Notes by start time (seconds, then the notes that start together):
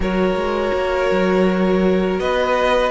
0.00 F#3 F#4 A#4 C#5
0.35 G#3
0.73 A#3
1.10 F#3
2.19 B3 B4 D#5